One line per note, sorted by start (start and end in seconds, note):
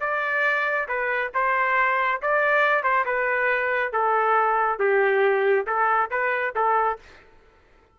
0.00 0.87 D5
0.88 1.31 B4
1.34 2.21 C5
2.22 2.83 D5
2.83 3.05 C5
3.05 3.92 B4
3.92 4.79 A4
4.79 5.66 G4
5.66 6.10 A4
6.10 6.54 B4
6.55 6.99 A4